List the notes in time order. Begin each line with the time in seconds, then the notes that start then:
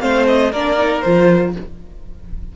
0.00 A3 C4 C5 F5
0.28 D#5
0.52 A#3 D4 A#4 D5
0.78 D#4
1.02 F3 F4 C5